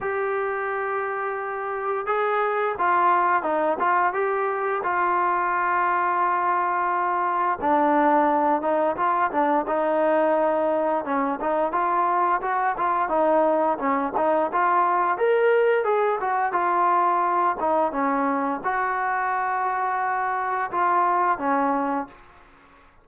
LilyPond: \new Staff \with { instrumentName = "trombone" } { \time 4/4 \tempo 4 = 87 g'2. gis'4 | f'4 dis'8 f'8 g'4 f'4~ | f'2. d'4~ | d'8 dis'8 f'8 d'8 dis'2 |
cis'8 dis'8 f'4 fis'8 f'8 dis'4 | cis'8 dis'8 f'4 ais'4 gis'8 fis'8 | f'4. dis'8 cis'4 fis'4~ | fis'2 f'4 cis'4 | }